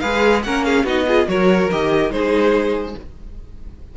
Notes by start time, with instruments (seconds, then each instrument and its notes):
0.00 cello G#3, viola G#4, violin B4 F5
0.44 cello A#3, viola C#4, violin A#4 F#5
0.64 violin G#4 F5
0.84 cello B3, viola D#4, violin F#4 D#5
1.08 viola F4, violin G#4
1.28 cello F#3, viola F#4, violin A#4 C#5
1.72 cello D#3, viola G4, violin D#5
2.11 cello G#3, viola D#4, violin G#4 C5